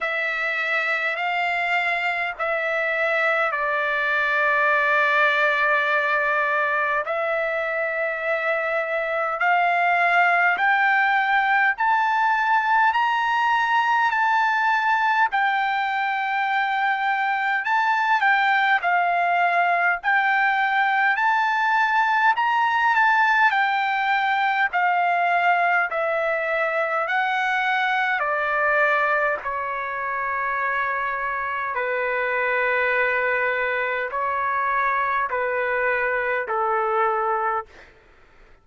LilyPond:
\new Staff \with { instrumentName = "trumpet" } { \time 4/4 \tempo 4 = 51 e''4 f''4 e''4 d''4~ | d''2 e''2 | f''4 g''4 a''4 ais''4 | a''4 g''2 a''8 g''8 |
f''4 g''4 a''4 ais''8 a''8 | g''4 f''4 e''4 fis''4 | d''4 cis''2 b'4~ | b'4 cis''4 b'4 a'4 | }